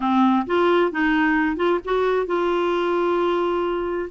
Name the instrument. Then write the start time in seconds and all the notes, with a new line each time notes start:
clarinet
0.00 C4
0.46 F4
0.91 D#4
1.56 F4
1.84 F#4
2.26 F4